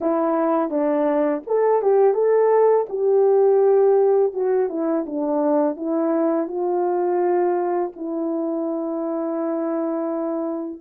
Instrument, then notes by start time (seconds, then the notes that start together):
horn
0.00 E4
0.70 D4
1.47 A4
1.82 G4
2.14 A4
2.89 G4
4.33 F#4
4.69 E4
5.06 D4
5.76 E4
6.47 F4
7.96 E4